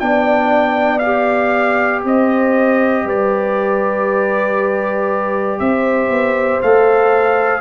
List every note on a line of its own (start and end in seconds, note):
0.00 2.04 B3
0.00 1.02 D4
0.00 2.05 D5
0.00 0.99 G5
0.99 6.62 G4
0.99 2.01 F5
2.04 3.05 C4
2.04 3.06 C5
2.04 3.09 D#5
3.05 5.59 G3
3.05 5.60 B4
3.05 5.60 D5
5.60 6.09 C4
5.60 7.61 C5
5.60 6.61 E5
6.09 6.60 B3
6.62 7.61 A3
6.62 7.61 A4
6.62 7.61 F5